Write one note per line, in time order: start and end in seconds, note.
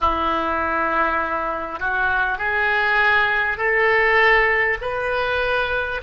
0.00 1.79 E4
1.79 2.37 F#4
2.37 3.57 G#4
3.57 4.77 A4
4.81 6.01 B4